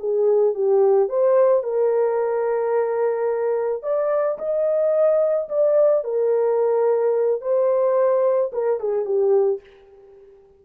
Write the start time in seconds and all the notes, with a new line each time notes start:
0.00 G#4
0.55 G4
1.09 C5
1.64 A#4
3.83 D5
4.39 D#5
5.49 D5
6.04 A#4
7.42 C5
8.53 A#4
8.80 G#4
9.06 G4